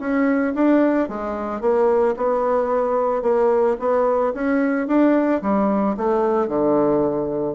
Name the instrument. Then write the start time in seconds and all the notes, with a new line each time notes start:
bassoon
0.00 C#4
0.55 D4
1.09 G#3
1.61 A#3
2.17 B3
3.23 A#3
3.80 B3
4.34 C#4
4.88 D4
5.42 G3
5.98 A3
6.48 D3